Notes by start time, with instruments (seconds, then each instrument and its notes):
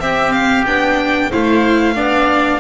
0.00 viola C4, double bass C4, oboe G4, violin E5
0.32 violin F5
0.66 double bass B3, viola D4, violin G5
1.31 double bass A3, viola E4, oboe C5, violin F5
1.95 double bass B3, viola D4, oboe D5